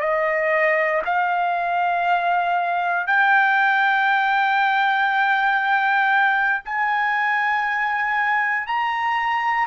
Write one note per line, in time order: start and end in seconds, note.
0.00 1.02 D#5
1.05 3.07 F5
3.07 6.63 G5
6.65 8.67 G#5
8.67 9.67 A#5